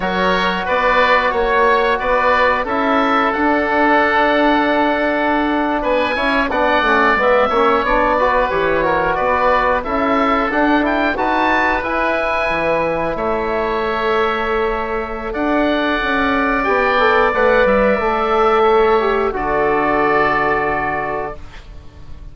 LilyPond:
<<
  \new Staff \with { instrumentName = "oboe" } { \time 4/4 \tempo 4 = 90 cis''4 d''4 cis''4 d''4 | e''4 fis''2.~ | fis''8. gis''4 fis''4 e''4 d''16~ | d''8. cis''4 d''4 e''4 fis''16~ |
fis''16 g''8 a''4 gis''2 e''16~ | e''2. fis''4~ | fis''4 g''4 fis''8 e''4.~ | e''4 d''2. | }
  \new Staff \with { instrumentName = "oboe" } { \time 4/4 ais'4 b'4 cis''4 b'4 | a'1~ | a'8. b'8 cis''8 d''4. cis''8.~ | cis''16 b'4 ais'8 b'4 a'4~ a'16~ |
a'8. b'2. cis''16~ | cis''2. d''4~ | d''1 | cis''4 a'2. | }
  \new Staff \with { instrumentName = "trombone" } { \time 4/4 fis'1 | e'4 d'2.~ | d'4~ d'16 e'8 d'8 cis'8 b8 cis'8 d'16~ | d'16 fis'8 g'8 fis'4. e'4 d'16~ |
d'16 e'8 fis'4 e'2~ e'16~ | e'8. a'2.~ a'16~ | a'4 g'8 a'8 b'4 a'4~ | a'8 g'8 fis'2. | }
  \new Staff \with { instrumentName = "bassoon" } { \time 4/4 fis4 b4 ais4 b4 | cis'4 d'2.~ | d'8. b8 cis'8 b8 a8 gis8 ais8 b16~ | b8. e4 b4 cis'4 d'16~ |
d'8. dis'4 e'4 e4 a16~ | a2. d'4 | cis'4 b4 a8 g8 a4~ | a4 d2. | }
>>